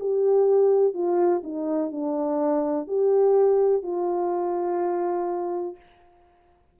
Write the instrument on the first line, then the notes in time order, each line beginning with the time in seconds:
horn
0.00 G4
0.94 F4
1.44 D#4
1.92 D4
2.88 G4
3.83 F4